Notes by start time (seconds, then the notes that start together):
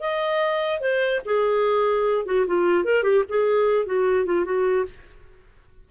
0.00 D#5
0.80 C5
1.25 G#4
2.25 F#4
2.47 F4
2.84 A#4
3.03 G4
3.29 G#4
3.86 F#4
4.25 F4
4.45 F#4